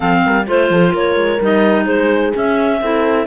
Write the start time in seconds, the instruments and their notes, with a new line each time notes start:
0.00 cello F3, clarinet C4 F5, horn A4
0.26 cello G3, horn A#4
0.46 cello A3, clarinet F4 C5, horn C5
0.69 cello F3, horn A4
0.91 cello A#3, horn A#4, clarinet C#5
1.15 cello G#3
1.40 cello G3, clarinet D#4 D#5
1.84 cello G#3, horn G#4, clarinet C5
2.34 clarinet C#4 E5, cello C#4
2.81 cello C4, clarinet E4, horn A4